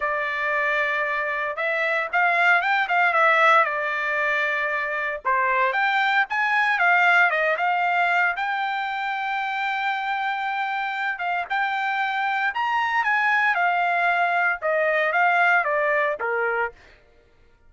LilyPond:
\new Staff \with { instrumentName = "trumpet" } { \time 4/4 \tempo 4 = 115 d''2. e''4 | f''4 g''8 f''8 e''4 d''4~ | d''2 c''4 g''4 | gis''4 f''4 dis''8 f''4. |
g''1~ | g''4. f''8 g''2 | ais''4 gis''4 f''2 | dis''4 f''4 d''4 ais'4 | }